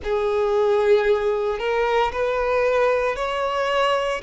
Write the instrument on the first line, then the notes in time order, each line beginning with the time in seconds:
violin
0.03 G#4
1.58 A#4
2.11 B4
3.16 C#5